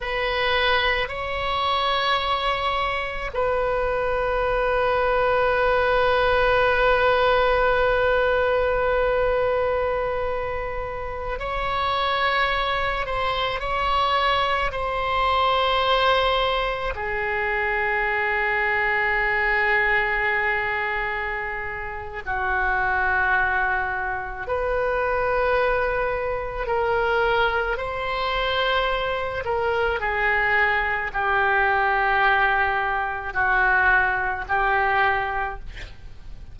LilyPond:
\new Staff \with { instrumentName = "oboe" } { \time 4/4 \tempo 4 = 54 b'4 cis''2 b'4~ | b'1~ | b'2~ b'16 cis''4. c''16~ | c''16 cis''4 c''2 gis'8.~ |
gis'1 | fis'2 b'2 | ais'4 c''4. ais'8 gis'4 | g'2 fis'4 g'4 | }